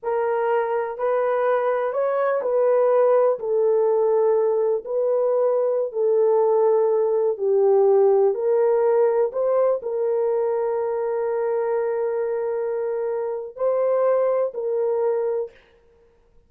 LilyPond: \new Staff \with { instrumentName = "horn" } { \time 4/4 \tempo 4 = 124 ais'2 b'2 | cis''4 b'2 a'4~ | a'2 b'2~ | b'16 a'2. g'8.~ |
g'4~ g'16 ais'2 c''8.~ | c''16 ais'2.~ ais'8.~ | ais'1 | c''2 ais'2 | }